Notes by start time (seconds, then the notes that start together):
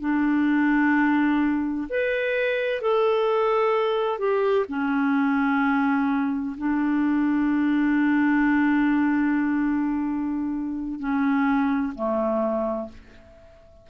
0.00 D4
1.89 B4
2.81 A4
4.18 G4
4.68 C#4
6.57 D4
10.99 C#4
11.94 A3